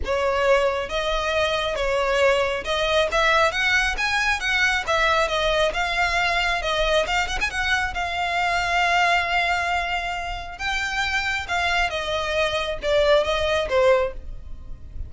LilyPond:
\new Staff \with { instrumentName = "violin" } { \time 4/4 \tempo 4 = 136 cis''2 dis''2 | cis''2 dis''4 e''4 | fis''4 gis''4 fis''4 e''4 | dis''4 f''2 dis''4 |
f''8 fis''16 gis''16 fis''4 f''2~ | f''1 | g''2 f''4 dis''4~ | dis''4 d''4 dis''4 c''4 | }